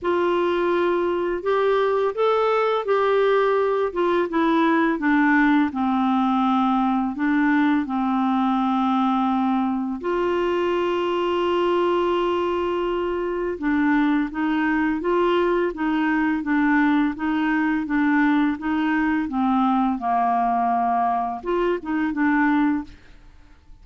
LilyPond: \new Staff \with { instrumentName = "clarinet" } { \time 4/4 \tempo 4 = 84 f'2 g'4 a'4 | g'4. f'8 e'4 d'4 | c'2 d'4 c'4~ | c'2 f'2~ |
f'2. d'4 | dis'4 f'4 dis'4 d'4 | dis'4 d'4 dis'4 c'4 | ais2 f'8 dis'8 d'4 | }